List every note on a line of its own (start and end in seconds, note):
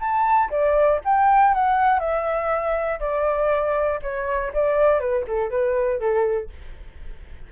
0.00 0.50 A5
0.50 1.00 D5
1.05 1.54 G5
1.54 2.00 F#5
2.00 3.00 E5
3.00 4.00 D5
4.02 4.52 C#5
4.53 5.00 D5
5.00 5.25 B4
5.28 5.50 A4
5.50 6.00 B4
6.00 6.50 A4